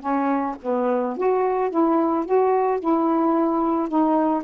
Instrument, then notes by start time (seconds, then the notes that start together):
saxophone
0.00 C#4
0.62 B3
1.17 F#4
1.70 E4
2.25 F#4
2.79 E4
3.88 D#4